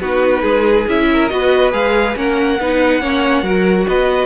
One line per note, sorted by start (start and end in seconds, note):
0.00 0.43 B3
0.00 0.88 D#4
0.00 0.42 F#4
0.00 0.87 B4
0.42 0.87 G#3
0.42 1.06 G#4
0.88 1.30 C#4
0.88 1.30 E4
0.88 1.28 E5
1.13 1.33 A#4
1.28 1.73 B3
1.28 1.72 F#4
1.28 2.18 B4
1.28 1.71 D#5
1.72 2.15 G#3
1.72 2.14 G#4
1.72 2.16 F5
2.15 2.59 A#3
2.15 2.58 C#4
2.15 2.60 A#4
2.15 3.87 F#5
2.60 3.00 B3
2.60 3.02 D#4
2.60 3.01 B4
3.00 3.43 A#3
3.00 3.44 C#4
3.00 3.44 C#5
3.43 3.85 F#3
3.43 4.26 F#4
3.43 3.87 A#4
3.87 4.26 B3
3.87 4.26 B4
3.87 4.26 D#5